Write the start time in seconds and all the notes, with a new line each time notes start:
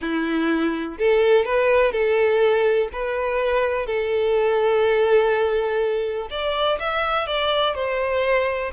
0.01 E4
0.98 A4
1.45 B4
1.92 A4
2.92 B4
3.86 A4
6.30 D5
6.79 E5
7.26 D5
7.74 C5